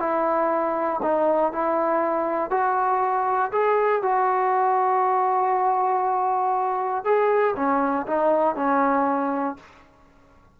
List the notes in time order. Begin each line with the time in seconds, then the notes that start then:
0.00 E4
1.03 D#4
1.53 E4
2.51 F#4
3.52 G#4
4.03 F#4
7.05 G#4
7.57 C#4
8.07 D#4
8.56 C#4